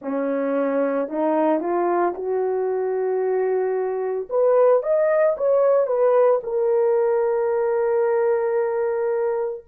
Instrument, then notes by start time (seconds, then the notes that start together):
horn
0.01 C#4
1.08 D#4
1.60 F4
2.14 F#4
4.29 B4
4.83 D#5
5.37 C#5
5.86 B4
6.43 A#4